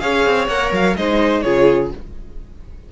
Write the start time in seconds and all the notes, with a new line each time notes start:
0.00 C#4 G#4 C#5 F5
0.26 C4
0.47 A#3 A#4 F#5
0.72 F#3 F5
0.96 G#3 D#4 C5 D#5
1.42 C#3 F4 G#4 C#5